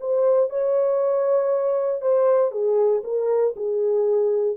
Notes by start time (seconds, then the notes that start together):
0.00 C5
0.50 C#5
2.01 C5
2.51 G#4
3.04 A#4
3.56 G#4